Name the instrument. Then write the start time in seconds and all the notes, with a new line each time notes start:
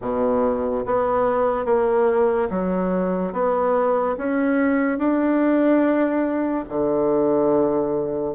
bassoon
0.01 B2
0.85 B3
1.65 A#3
2.50 F#3
3.33 B3
4.17 C#4
4.98 D4
6.69 D3